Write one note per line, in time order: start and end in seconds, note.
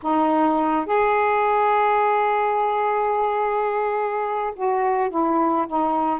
0.02 0.85 D#4
0.85 4.53 G#4
4.55 5.10 F#4
5.10 5.66 E4
5.67 6.20 D#4